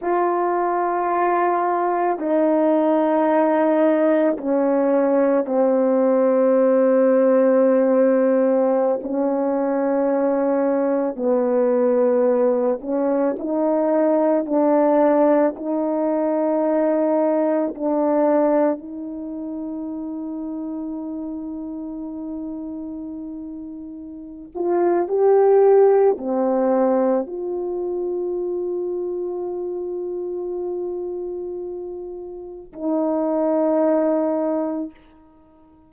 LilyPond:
\new Staff \with { instrumentName = "horn" } { \time 4/4 \tempo 4 = 55 f'2 dis'2 | cis'4 c'2.~ | c'16 cis'2 b4. cis'16~ | cis'16 dis'4 d'4 dis'4.~ dis'16~ |
dis'16 d'4 dis'2~ dis'8.~ | dis'2~ dis'8 f'8 g'4 | c'4 f'2.~ | f'2 dis'2 | }